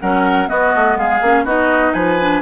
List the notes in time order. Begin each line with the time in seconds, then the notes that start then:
0.00 F#3 C#4 A#4 F#5
0.47 B3 F#4 D#5
0.75 A3
0.96 G#3 G#4 F5
1.21 A#3 C#4
1.44 B3 D#4 F#4 D#5
1.93 F3 B4 G#5
2.20 D4